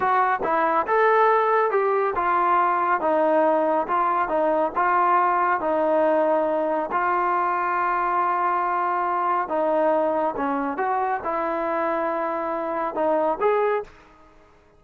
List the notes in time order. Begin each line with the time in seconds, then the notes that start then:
0.00 F#4
0.43 E4
0.87 A4
1.71 G4
2.15 F4
3.00 D#4
3.87 F4
4.28 D#4
4.75 F4
5.60 D#4
6.91 F4
9.48 D#4
10.36 C#4
10.77 F#4
11.23 E4
12.95 D#4
13.40 G#4